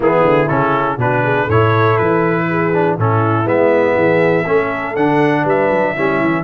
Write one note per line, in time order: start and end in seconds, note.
0.00 0.23 E3
0.00 0.47 B3
0.00 0.98 E4
0.00 0.48 G#4
0.23 0.48 D3
0.48 0.97 C#3
0.48 0.99 C#4
0.48 0.98 A4
0.97 1.46 B2
0.97 1.48 D4
0.97 1.23 F#4
0.97 1.49 B4
1.23 1.44 G#4
1.44 1.97 A2
1.44 2.44 A4
1.44 1.97 C#5
1.51 2.73 E4
1.97 2.98 E3
1.97 2.96 B4
2.49 2.96 G#4
2.73 2.98 D4
2.96 3.45 A2
2.96 3.44 C#4
2.96 3.95 E4
2.96 3.48 A4
3.44 3.95 G#3
3.44 4.43 B3
3.44 4.96 E5
3.95 4.45 E3
3.95 4.45 G#4
4.46 4.96 A3
4.46 4.95 C#4
4.46 5.43 A4
4.96 5.44 D3
4.96 5.95 D4
4.96 5.45 F#5
5.43 5.69 G3
5.43 5.93 B4
5.43 6.43 E5
5.69 5.94 F#3
5.94 6.20 G3
5.94 6.43 C#4
5.94 6.43 E4
6.20 6.43 E3